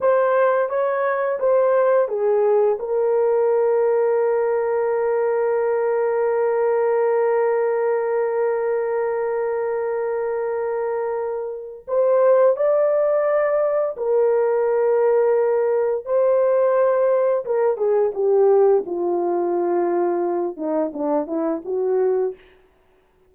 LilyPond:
\new Staff \with { instrumentName = "horn" } { \time 4/4 \tempo 4 = 86 c''4 cis''4 c''4 gis'4 | ais'1~ | ais'1~ | ais'1~ |
ais'4 c''4 d''2 | ais'2. c''4~ | c''4 ais'8 gis'8 g'4 f'4~ | f'4. dis'8 d'8 e'8 fis'4 | }